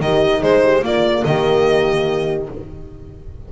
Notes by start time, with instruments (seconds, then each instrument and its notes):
0.00 double bass D#3, horn D#4 G4, violin D#5
0.41 double bass G#3, horn G#4, violin C5
0.62 horn G4
0.79 horn A#3 F4, double bass A#3
0.85 violin D5
1.24 double bass D#3, horn G4, violin D#5